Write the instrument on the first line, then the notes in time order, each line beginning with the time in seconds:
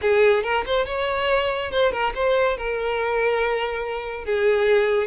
violin
0.01 G#4
0.43 A#4
0.66 C5
0.86 C#5
1.71 C5
1.91 A#4
2.15 C5
2.57 A#4
4.24 G#4